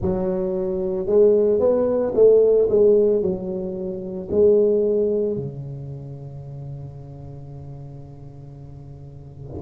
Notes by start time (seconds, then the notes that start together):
0.01 F#3
1.06 G#3
1.59 B3
2.14 A3
2.69 G#3
3.21 F#3
4.31 G#3
5.36 C#3